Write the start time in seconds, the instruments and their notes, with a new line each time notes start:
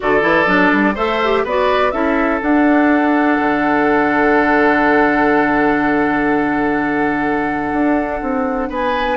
0.00 bassoon D3, clarinet F#4, oboe A4, flute D5
0.21 bassoon E3, clarinet E4
0.46 bassoon F#3, clarinet D4
0.72 bassoon G3
0.94 bassoon A3, clarinet A4, oboe C5, flute E5
1.23 clarinet G4
1.44 bassoon B3, clarinet F#4, oboe B4, flute D5
1.91 bassoon C#4, clarinet E4, oboe A4, flute E5
2.41 bassoon D4, clarinet D4, flute F#5
3.39 bassoon D3
7.72 bassoon D4
8.21 bassoon C4
8.69 bassoon B3, oboe B4, flute G#5